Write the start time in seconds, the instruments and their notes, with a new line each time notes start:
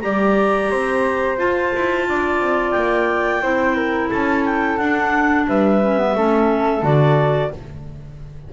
0.00 double bass G3, clarinet G4 A#5, flute D5
0.70 double bass C4, flute C5
1.37 clarinet F4 A5, double bass F4
1.75 double bass E4
2.08 double bass D4, flute D5
2.39 double bass C4
2.71 double bass A#3, clarinet G5
3.41 double bass C4, clarinet E4, flute C5
3.75 flute A#4
4.09 double bass C#4, flute A4, clarinet A5
4.44 clarinet G5
4.77 double bass D4, clarinet D4 F#5
5.47 double bass G3, flute B4, clarinet E5
5.82 clarinet C#4
5.97 clarinet B3
6.15 double bass A3, clarinet C#4, flute A4
6.82 double bass D3, clarinet F#4 D5